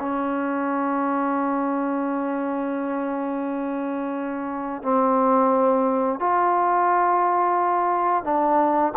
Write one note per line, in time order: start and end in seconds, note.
0.00 4.82 C#4
4.82 6.20 C4
6.20 8.24 F4
8.24 8.93 D4